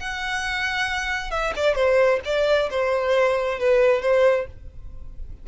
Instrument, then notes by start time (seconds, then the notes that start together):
violin
0.00 F#5
1.31 E5
1.56 D5
1.76 C5
2.25 D5
2.71 C5
3.60 B4
4.02 C5